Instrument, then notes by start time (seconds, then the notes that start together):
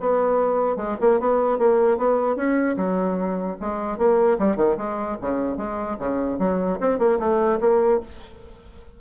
bassoon
0.00 B3
0.77 G#3
1.01 A#3
1.20 B3
1.59 A#3
1.98 B3
2.36 C#4
2.77 F#3
3.61 G#3
3.98 A#3
4.39 G3
4.57 D#3
4.77 G#3
5.21 C#3
5.57 G#3
5.99 C#3
6.39 F#3
6.81 C4
6.99 A#3
7.19 A3
7.61 A#3